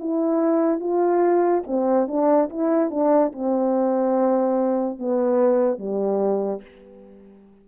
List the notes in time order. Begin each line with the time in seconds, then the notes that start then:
0.00 E4
0.80 F4
1.67 C4
2.08 D4
2.50 E4
2.91 D4
3.33 C4
4.99 B3
5.79 G3